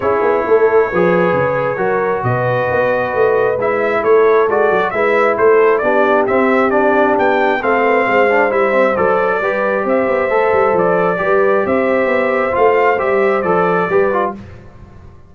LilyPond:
<<
  \new Staff \with { instrumentName = "trumpet" } { \time 4/4 \tempo 4 = 134 cis''1~ | cis''4 dis''2. | e''4 cis''4 d''4 e''4 | c''4 d''4 e''4 d''4 |
g''4 f''2 e''4 | d''2 e''2 | d''2 e''2 | f''4 e''4 d''2 | }
  \new Staff \with { instrumentName = "horn" } { \time 4/4 gis'4 a'4 b'2 | ais'4 b'2.~ | b'4 a'2 b'4 | a'4 g'2.~ |
g'4 a'8 b'8 c''2~ | c''4 b'4 c''2~ | c''4 b'4 c''2~ | c''2. b'4 | }
  \new Staff \with { instrumentName = "trombone" } { \time 4/4 e'2 gis'2 | fis'1 | e'2 fis'4 e'4~ | e'4 d'4 c'4 d'4~ |
d'4 c'4. d'8 e'8 c'8 | a'4 g'2 a'4~ | a'4 g'2. | f'4 g'4 a'4 g'8 f'8 | }
  \new Staff \with { instrumentName = "tuba" } { \time 4/4 cis'8 b8 a4 f4 cis4 | fis4 b,4 b4 a4 | gis4 a4 gis8 fis8 gis4 | a4 b4 c'2 |
b4 a4 gis4 g4 | fis4 g4 c'8 b8 a8 g8 | f4 g4 c'4 b4 | a4 g4 f4 g4 | }
>>